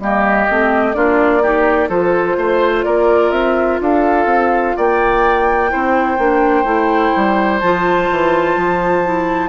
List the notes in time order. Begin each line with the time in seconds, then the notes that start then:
0.00 G3 A#3 G4 D#5
0.50 A3 C4
0.94 A#3 D4 F4 D5
1.43 D#4 G4
1.89 F3 F4 A4 C5
2.37 A3 C5
2.84 A#3 A#4 D5
3.32 C4 E5
3.81 D4 A4 F5
4.26 C4
4.77 A#3 D5 G5
5.70 C4 E4 C5
6.18 A#3 D4
6.64 A3 E4
7.16 G3
7.60 F3 F4 A5
8.11 E3
8.56 F3
9.05 E4